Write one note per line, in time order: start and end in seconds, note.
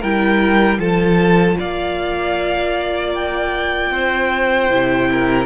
0.00 0.78 G3
0.00 0.81 E4
0.00 0.78 A#4
0.00 0.80 G5
0.78 1.56 F3
0.78 4.71 F4
0.78 1.58 A4
0.78 1.57 A5
1.59 3.91 A#3
1.59 3.93 D5
1.59 3.14 F5
3.14 5.46 G5
3.91 4.69 C4
3.91 5.09 C5
4.70 5.46 C3
4.70 5.46 E4
5.12 5.46 A#4